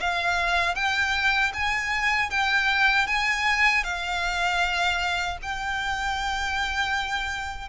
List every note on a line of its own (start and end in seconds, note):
0.00 0.75 F5
0.75 1.52 G5
1.53 2.30 G#5
2.30 3.07 G5
3.07 3.84 G#5
3.84 5.38 F5
5.42 7.69 G5